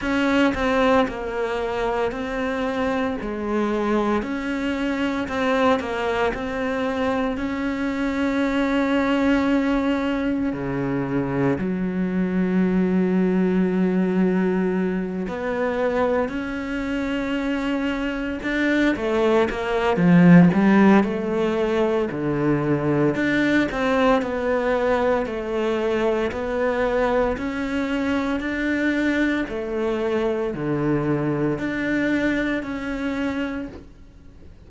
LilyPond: \new Staff \with { instrumentName = "cello" } { \time 4/4 \tempo 4 = 57 cis'8 c'8 ais4 c'4 gis4 | cis'4 c'8 ais8 c'4 cis'4~ | cis'2 cis4 fis4~ | fis2~ fis8 b4 cis'8~ |
cis'4. d'8 a8 ais8 f8 g8 | a4 d4 d'8 c'8 b4 | a4 b4 cis'4 d'4 | a4 d4 d'4 cis'4 | }